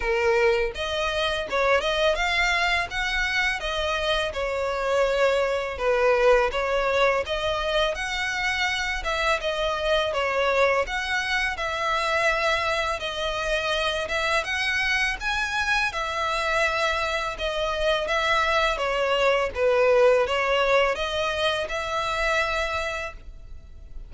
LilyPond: \new Staff \with { instrumentName = "violin" } { \time 4/4 \tempo 4 = 83 ais'4 dis''4 cis''8 dis''8 f''4 | fis''4 dis''4 cis''2 | b'4 cis''4 dis''4 fis''4~ | fis''8 e''8 dis''4 cis''4 fis''4 |
e''2 dis''4. e''8 | fis''4 gis''4 e''2 | dis''4 e''4 cis''4 b'4 | cis''4 dis''4 e''2 | }